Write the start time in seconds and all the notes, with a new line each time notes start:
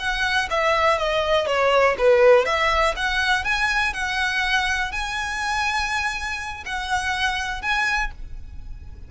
0.00 F#5
0.50 E5
0.99 D#5
1.47 C#5
1.99 B4
2.46 E5
2.96 F#5
3.44 G#5
3.94 F#5
4.92 G#5
6.66 F#5
7.62 G#5